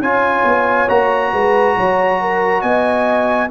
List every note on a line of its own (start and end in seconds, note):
0.00 0.43 C#4
0.00 0.88 F4
0.00 1.33 C#5
0.00 0.89 G#5
0.45 0.88 B3
0.88 1.32 A#3
0.88 3.49 F#4
0.88 2.62 A#5
1.33 1.76 G#3
1.33 1.76 B4
1.77 2.63 F#3
1.77 2.20 C#5
2.21 2.62 A#4
2.62 3.50 B3
2.62 3.49 D#5
2.62 3.49 G#5